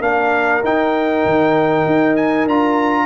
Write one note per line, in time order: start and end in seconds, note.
0.00 0.61 A#3
0.00 0.62 D4
0.00 3.06 A#4
0.00 0.63 F5
0.64 1.25 D#4
0.64 2.49 D#4
0.64 2.16 G5
1.26 1.86 D#3
1.86 2.46 D#4
2.16 2.47 G#5
2.46 3.06 D4
2.46 3.06 F4
2.46 3.06 A#5